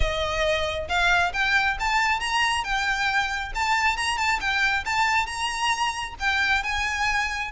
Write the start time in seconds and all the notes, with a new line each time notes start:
0.00 D#5
0.88 F5
1.33 G5
1.79 A5
2.19 A#5
2.64 G5
3.55 A5
3.96 A#5
4.17 A5
4.40 G5
4.85 A5
5.26 A#5
6.19 G5
6.63 G#5